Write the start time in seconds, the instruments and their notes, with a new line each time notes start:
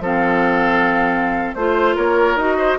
0.00 bassoon F3, clarinet C4, oboe A4, flute F5
1.55 bassoon A3, clarinet F4, flute C5, oboe C5
1.96 bassoon A#3, oboe A#4, flute C#5
2.36 bassoon D#4, clarinet F#4, flute D#5
2.58 oboe C5